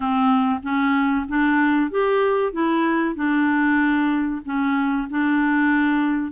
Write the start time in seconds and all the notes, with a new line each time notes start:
0.00 C4
0.62 C#4
1.28 D4
1.90 G4
2.52 E4
3.15 D4
4.45 C#4
5.10 D4